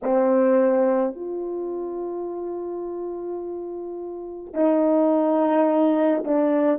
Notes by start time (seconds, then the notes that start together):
0.02 C4
1.14 F4
4.53 D#4
6.24 D4